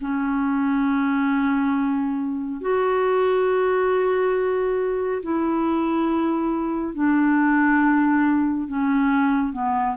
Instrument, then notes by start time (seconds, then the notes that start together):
clarinet
0.00 C#4
2.60 F#4
5.23 E4
6.94 D4
8.67 C#4
9.53 B3